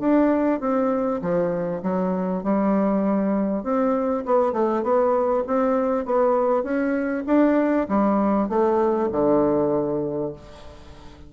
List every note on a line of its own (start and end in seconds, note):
0.00 0.60 D4
0.60 1.21 C4
1.22 1.82 F3
1.83 2.43 F#3
2.44 3.64 G3
3.64 4.24 C4
4.25 4.53 B3
4.53 4.83 A3
4.83 5.44 B3
5.47 6.05 C4
6.05 6.63 B3
6.63 7.24 C#4
7.27 7.87 D4
7.88 8.49 G3
8.49 9.10 A3
9.12 10.33 D3